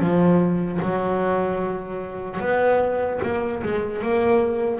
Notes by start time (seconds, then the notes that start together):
0.00 F3
0.82 F#3
2.40 B3
3.23 A#3
3.63 G#3
4.02 A#3